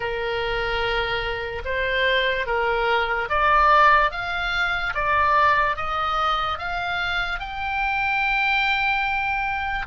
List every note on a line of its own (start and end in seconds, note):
0.00 1.62 A#4
1.64 2.46 C5
2.46 3.28 A#4
3.29 4.11 D5
4.11 4.93 F5
4.94 5.76 D5
5.76 6.58 D#5
6.58 7.39 F5
7.39 9.86 G5